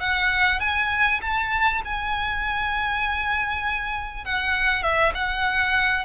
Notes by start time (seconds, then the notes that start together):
0.00 F#5
0.60 G#5
1.21 A5
1.85 G#5
4.25 F#5
4.83 E5
5.14 F#5